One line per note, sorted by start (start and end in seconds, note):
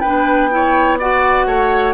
0.00 1.46 B3
0.00 0.50 D4
0.00 0.49 B4
0.00 0.97 G5
0.50 0.98 E4
0.50 0.99 C#5
0.99 1.94 F#4
0.99 1.46 D5
0.99 1.94 F#5
1.46 1.94 A3
1.46 1.94 C#5